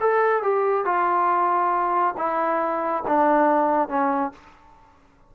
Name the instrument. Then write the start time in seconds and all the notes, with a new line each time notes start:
trombone
0.00 A4
0.43 G4
0.85 F4
2.17 E4
3.07 D4
3.88 C#4